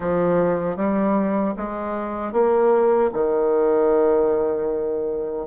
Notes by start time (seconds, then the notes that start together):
0.00 F3
0.76 G3
1.57 G#3
2.32 A#3
3.13 D#3